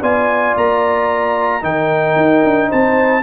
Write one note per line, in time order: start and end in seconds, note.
0.00 0.56 B3
0.00 1.62 F4
0.00 1.61 D5
0.00 0.56 G#5
0.57 1.63 A#3
0.57 1.64 A#5
1.62 2.16 D#3
1.62 3.23 D#4
1.62 2.69 A#4
1.62 2.72 G5
2.16 2.43 D#4
2.44 2.71 D4
2.69 3.23 C4
2.69 3.23 C5
2.69 3.23 A5